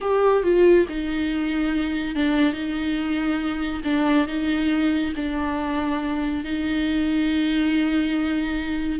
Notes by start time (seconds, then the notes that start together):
0.00 G4
0.43 F4
0.88 D#4
2.15 D4
2.53 D#4
3.84 D4
4.27 D#4
5.15 D4
6.44 D#4